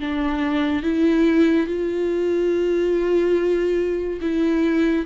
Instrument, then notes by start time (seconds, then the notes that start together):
viola
0.00 D4
0.83 E4
1.67 F4
4.21 E4